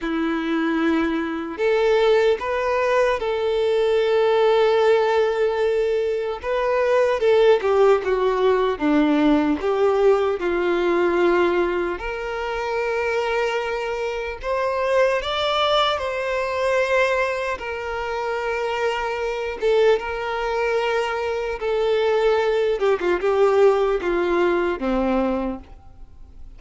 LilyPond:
\new Staff \with { instrumentName = "violin" } { \time 4/4 \tempo 4 = 75 e'2 a'4 b'4 | a'1 | b'4 a'8 g'8 fis'4 d'4 | g'4 f'2 ais'4~ |
ais'2 c''4 d''4 | c''2 ais'2~ | ais'8 a'8 ais'2 a'4~ | a'8 g'16 f'16 g'4 f'4 c'4 | }